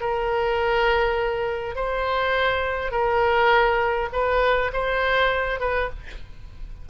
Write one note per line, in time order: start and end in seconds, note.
0.00 1.75 A#4
1.75 2.91 C5
2.91 4.09 A#4
4.13 4.71 B4
4.73 5.60 C5
5.60 5.89 B4